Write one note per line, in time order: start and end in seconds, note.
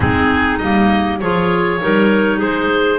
0.00 0.60 G#3
0.00 0.60 C4
0.00 1.20 D#4
0.00 0.58 G#4
0.58 1.21 G3
0.58 1.21 A#3
0.58 1.18 D#5
1.20 1.81 F3
1.20 1.80 F4
1.20 1.80 G#4
1.20 2.40 C#5
1.80 2.42 G3
1.80 2.99 D#4
1.80 2.37 A#4
2.37 2.99 G#3
2.37 2.97 G#4
2.37 2.99 C5